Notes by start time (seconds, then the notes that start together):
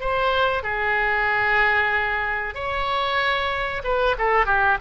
0.00 C5
0.63 G#4
2.54 C#5
3.84 B4
4.18 A4
4.46 G4